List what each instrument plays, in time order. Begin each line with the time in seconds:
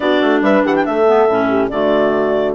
0.00 bassoon B3, clarinet D4 D5, horn F#4
0.21 bassoon A3
0.41 bassoon G3, horn B4, clarinet E5
0.64 bassoon E3, horn G4, clarinet F#5
0.75 clarinet G5
0.85 bassoon A3, horn A4, clarinet E5
1.07 clarinet B3
1.27 bassoon A2, clarinet C#4
1.49 horn G4
1.69 bassoon D3, clarinet A3 D5, horn F#4